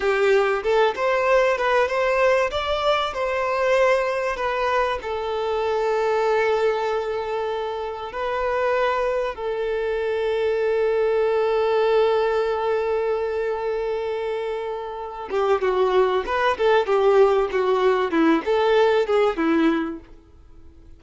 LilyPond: \new Staff \with { instrumentName = "violin" } { \time 4/4 \tempo 4 = 96 g'4 a'8 c''4 b'8 c''4 | d''4 c''2 b'4 | a'1~ | a'4 b'2 a'4~ |
a'1~ | a'1~ | a'8 g'8 fis'4 b'8 a'8 g'4 | fis'4 e'8 a'4 gis'8 e'4 | }